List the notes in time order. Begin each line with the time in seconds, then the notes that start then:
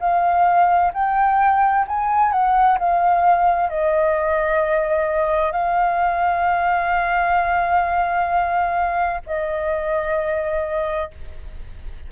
0.00 F5
0.94 G5
1.88 G#5
2.32 F#5
2.79 F5
3.70 D#5
5.52 F5
9.26 D#5